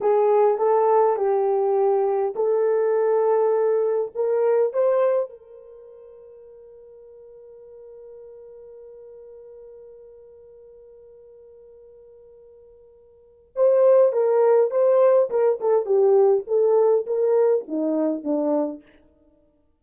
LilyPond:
\new Staff \with { instrumentName = "horn" } { \time 4/4 \tempo 4 = 102 gis'4 a'4 g'2 | a'2. ais'4 | c''4 ais'2.~ | ais'1~ |
ais'1~ | ais'2. c''4 | ais'4 c''4 ais'8 a'8 g'4 | a'4 ais'4 dis'4 d'4 | }